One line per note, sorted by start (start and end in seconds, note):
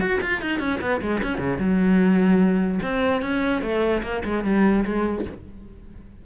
0.00 0.20 F#4
0.21 0.41 F4
0.41 0.59 D#4
0.59 0.79 C#4
0.81 1.01 B3
1.01 1.21 G#3
1.23 1.38 C#4
1.38 1.58 C#3
1.59 2.80 F#3
2.82 3.22 C4
3.22 3.62 C#4
3.62 4.02 A3
4.02 4.23 A#3
4.25 4.44 G#3
4.44 4.84 G3
4.85 5.25 G#3